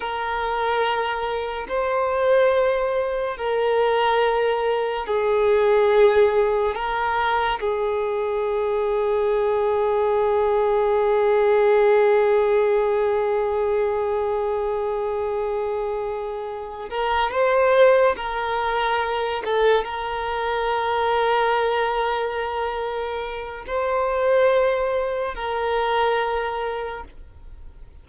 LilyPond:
\new Staff \with { instrumentName = "violin" } { \time 4/4 \tempo 4 = 71 ais'2 c''2 | ais'2 gis'2 | ais'4 gis'2.~ | gis'1~ |
gis'1 | ais'8 c''4 ais'4. a'8 ais'8~ | ais'1 | c''2 ais'2 | }